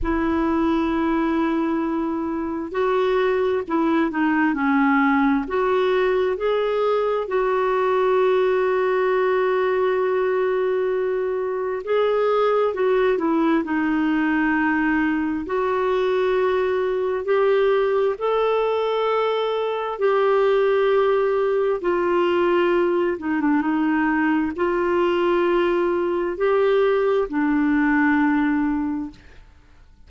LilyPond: \new Staff \with { instrumentName = "clarinet" } { \time 4/4 \tempo 4 = 66 e'2. fis'4 | e'8 dis'8 cis'4 fis'4 gis'4 | fis'1~ | fis'4 gis'4 fis'8 e'8 dis'4~ |
dis'4 fis'2 g'4 | a'2 g'2 | f'4. dis'16 d'16 dis'4 f'4~ | f'4 g'4 d'2 | }